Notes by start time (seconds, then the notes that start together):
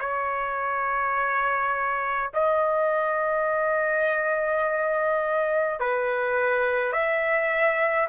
0.00 C#5
2.34 D#5
5.81 B4
6.93 E5